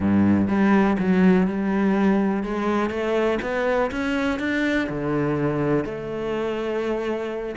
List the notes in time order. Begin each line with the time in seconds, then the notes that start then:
0.00 G2
0.47 G3
0.98 F#3
1.47 G3
2.43 G#3
2.90 A3
3.41 B3
3.91 C#4
4.39 D4
4.89 D3
5.84 A3